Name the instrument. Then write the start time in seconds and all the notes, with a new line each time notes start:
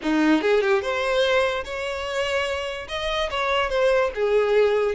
violin
0.02 D#4
0.41 G#4
0.61 G4
0.82 C5
1.64 C#5
2.88 D#5
3.30 C#5
3.69 C5
4.14 G#4